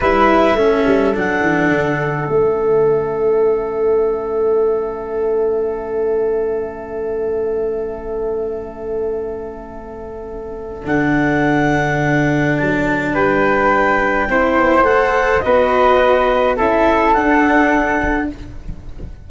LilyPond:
<<
  \new Staff \with { instrumentName = "clarinet" } { \time 4/4 \tempo 4 = 105 e''2 fis''2 | e''1~ | e''1~ | e''1~ |
e''2. fis''4~ | fis''2 a''4 g''4~ | g''2 fis''4 dis''4~ | dis''4 e''4 fis''2 | }
  \new Staff \with { instrumentName = "flute" } { \time 4/4 b'4 a'2.~ | a'1~ | a'1~ | a'1~ |
a'1~ | a'2. b'4~ | b'4 c''2 b'4~ | b'4 a'2. | }
  \new Staff \with { instrumentName = "cello" } { \time 4/4 e'4 cis'4 d'2 | cis'1~ | cis'1~ | cis'1~ |
cis'2. d'4~ | d'1~ | d'4 e'4 a'4 fis'4~ | fis'4 e'4 d'2 | }
  \new Staff \with { instrumentName = "tuba" } { \time 4/4 g4 a8 g8 fis8 e8 d4 | a1~ | a1~ | a1~ |
a2. d4~ | d2 fis4 g4~ | g4 c'8 b8 a4 b4~ | b4 cis'4 d'2 | }
>>